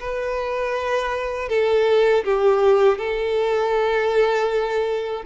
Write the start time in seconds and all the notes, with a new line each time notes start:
0.00 B4
1.49 A4
2.25 G4
2.98 A4